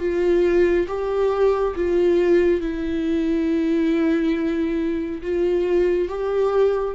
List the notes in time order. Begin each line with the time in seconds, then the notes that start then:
0.00 F4
0.88 G4
1.76 F4
2.61 E4
5.22 F4
6.09 G4